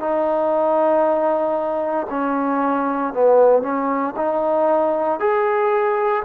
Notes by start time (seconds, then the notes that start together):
0.00 D#4
2.10 C#4
3.14 B3
3.63 C#4
4.17 D#4
5.20 G#4